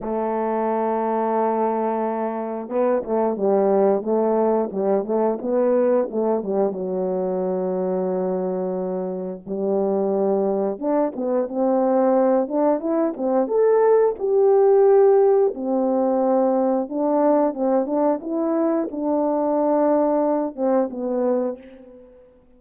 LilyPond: \new Staff \with { instrumentName = "horn" } { \time 4/4 \tempo 4 = 89 a1 | b8 a8 g4 a4 g8 a8 | b4 a8 g8 fis2~ | fis2 g2 |
d'8 b8 c'4. d'8 e'8 c'8 | a'4 g'2 c'4~ | c'4 d'4 c'8 d'8 e'4 | d'2~ d'8 c'8 b4 | }